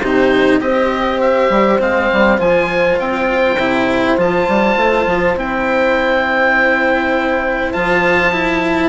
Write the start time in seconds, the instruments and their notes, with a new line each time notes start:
0.00 bassoon C3, cello D#4, horn G4, oboe C5
0.61 bassoon C4, cello G4, horn C5, oboe D#5
1.21 oboe E5
1.50 bassoon G3
1.79 bassoon G#3, cello C4, oboe F5
2.13 bassoon G3
2.38 bassoon F3, cello F4, oboe G#5
2.99 bassoon C4, oboe G5
3.57 bassoon C3, cello E4
4.17 bassoon F3, cello F4, oboe A5
4.48 bassoon G3
4.76 bassoon A3
5.07 bassoon F3
5.36 bassoon C4, cello E4, oboe G5
7.73 bassoon F3, cello F4, oboe A5
8.33 cello E4